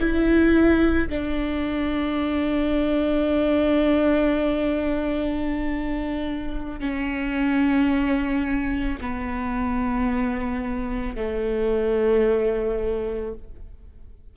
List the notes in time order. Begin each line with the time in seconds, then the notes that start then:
0.00 E4
1.09 D4
6.80 C#4
9.01 B3
11.16 A3